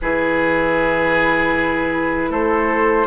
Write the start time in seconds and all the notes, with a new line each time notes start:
0.01 E3 E4 G#4 B4
2.30 A3 A4 C5